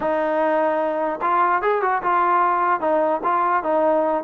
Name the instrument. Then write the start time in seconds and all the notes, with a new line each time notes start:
trombone
0.00 D#4
1.21 F4
1.61 G#4
1.82 F#4
2.02 F4
2.80 D#4
3.23 F4
3.63 D#4